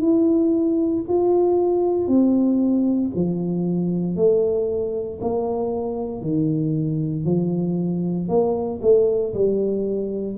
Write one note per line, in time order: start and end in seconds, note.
0.00 1.03 E4
1.08 2.07 F4
2.07 3.10 C4
3.15 4.16 F3
4.16 5.19 A3
5.21 6.21 A#3
6.21 7.25 D#3
7.25 8.28 F3
8.28 8.80 A#3
8.82 9.33 A3
9.33 10.37 G3